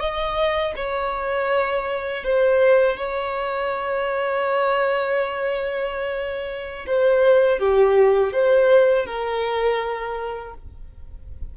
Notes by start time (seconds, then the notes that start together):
0.00 D#5
0.76 C#5
2.24 C5
2.97 C#5
6.87 C5
7.59 G4
8.33 C5
9.06 A#4